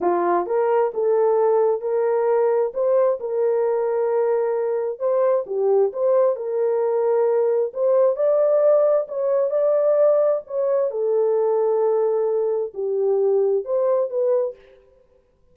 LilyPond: \new Staff \with { instrumentName = "horn" } { \time 4/4 \tempo 4 = 132 f'4 ais'4 a'2 | ais'2 c''4 ais'4~ | ais'2. c''4 | g'4 c''4 ais'2~ |
ais'4 c''4 d''2 | cis''4 d''2 cis''4 | a'1 | g'2 c''4 b'4 | }